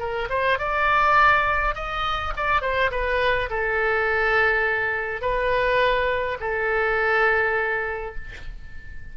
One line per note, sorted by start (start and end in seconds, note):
0.00 0.29 A#4
0.30 0.59 C5
0.59 1.75 D5
1.75 2.33 D#5
2.37 2.62 D5
2.62 2.91 C5
2.91 3.50 B4
3.50 5.22 A4
5.22 6.38 B4
6.41 8.15 A4